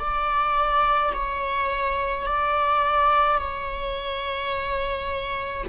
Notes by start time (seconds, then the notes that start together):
0.00 D5
1.14 C#5
2.27 D5
3.39 C#5